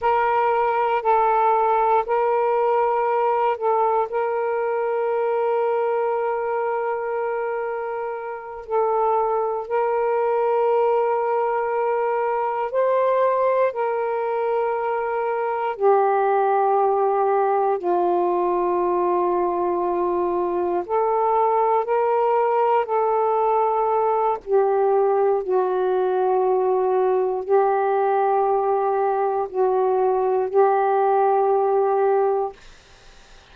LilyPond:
\new Staff \with { instrumentName = "saxophone" } { \time 4/4 \tempo 4 = 59 ais'4 a'4 ais'4. a'8 | ais'1~ | ais'8 a'4 ais'2~ ais'8~ | ais'8 c''4 ais'2 g'8~ |
g'4. f'2~ f'8~ | f'8 a'4 ais'4 a'4. | g'4 fis'2 g'4~ | g'4 fis'4 g'2 | }